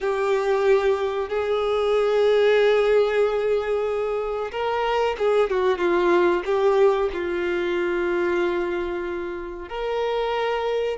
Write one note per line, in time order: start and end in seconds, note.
0.01 1.28 G4
1.28 4.51 G#4
4.51 5.16 A#4
5.18 5.50 G#4
5.50 5.78 F#4
5.78 6.42 F4
6.45 7.09 G4
7.13 9.68 F4
9.68 10.97 A#4